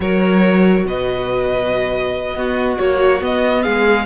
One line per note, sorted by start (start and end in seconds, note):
0.00 0.84 F#3
0.00 2.35 F#4
0.00 0.87 A#4
0.00 0.86 C#5
0.84 2.34 B2
0.84 2.37 B4
0.84 2.78 D#5
2.35 2.78 B3
2.35 3.63 F#4
2.78 3.20 F#3
2.78 3.22 A#3
2.78 3.21 C#5
3.20 4.06 B3
3.20 3.65 B3
3.20 3.63 D#5
3.63 4.06 G#3
3.63 4.05 G#4
3.63 4.06 F5